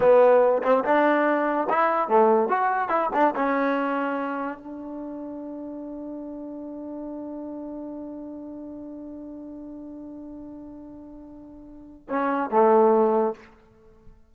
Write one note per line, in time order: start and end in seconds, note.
0.00 0.62 B3
0.63 0.84 C4
0.84 1.67 D4
1.69 2.08 E4
2.08 2.48 A3
2.48 2.88 F#4
2.88 3.09 E4
3.13 3.34 D4
3.35 4.58 C#4
4.58 12.08 D4
12.09 12.50 C#4
12.50 13.33 A3